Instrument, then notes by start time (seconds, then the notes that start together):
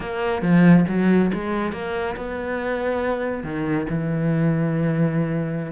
cello
0.00 A#3
0.42 F3
0.88 F#3
1.33 G#3
1.72 A#3
2.16 B3
3.43 D#3
3.89 E3